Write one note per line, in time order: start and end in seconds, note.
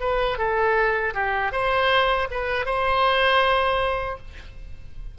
0.00 0.38 B4
0.38 1.14 A4
1.14 1.52 G4
1.52 2.28 C5
2.31 2.65 B4
2.65 4.17 C5